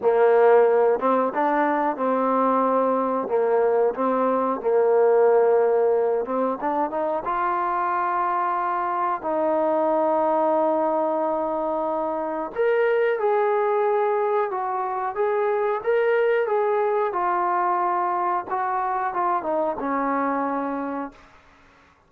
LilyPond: \new Staff \with { instrumentName = "trombone" } { \time 4/4 \tempo 4 = 91 ais4. c'8 d'4 c'4~ | c'4 ais4 c'4 ais4~ | ais4. c'8 d'8 dis'8 f'4~ | f'2 dis'2~ |
dis'2. ais'4 | gis'2 fis'4 gis'4 | ais'4 gis'4 f'2 | fis'4 f'8 dis'8 cis'2 | }